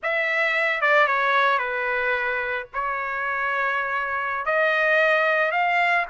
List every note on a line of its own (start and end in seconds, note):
0.03 0.81 E5
0.81 1.07 D5
1.07 1.58 C#5
1.58 2.66 B4
2.73 4.45 C#5
4.45 5.51 D#5
5.51 6.05 F5